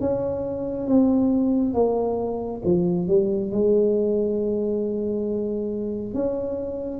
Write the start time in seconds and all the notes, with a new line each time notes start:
0.00 C#4
0.87 C4
1.74 A#3
2.65 F3
3.08 G3
3.51 G#3
6.14 C#4